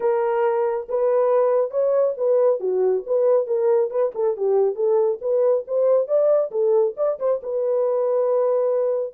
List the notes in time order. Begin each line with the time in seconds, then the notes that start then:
0.00 A#4
0.88 B4
1.70 C#5
2.17 B4
2.59 F#4
3.06 B4
3.46 A#4
3.90 B4
4.15 A4
4.36 G4
4.75 A4
5.21 B4
5.67 C5
6.07 D5
6.51 A4
6.97 D5
7.19 C5
7.42 B4